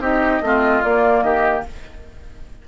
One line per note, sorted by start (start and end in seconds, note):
0.00 0.41 C4
0.00 0.42 D#4
0.00 0.42 G4
0.00 0.84 D#5
0.42 0.82 A3
0.42 0.83 C4
0.42 1.25 F4
0.84 1.23 A#3
0.84 1.68 A#3
0.84 1.23 D5
1.23 1.63 D#3
1.23 1.65 G4
1.23 1.64 D#5